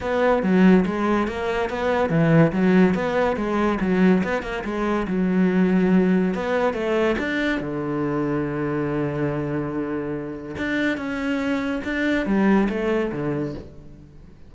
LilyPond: \new Staff \with { instrumentName = "cello" } { \time 4/4 \tempo 4 = 142 b4 fis4 gis4 ais4 | b4 e4 fis4 b4 | gis4 fis4 b8 ais8 gis4 | fis2. b4 |
a4 d'4 d2~ | d1~ | d4 d'4 cis'2 | d'4 g4 a4 d4 | }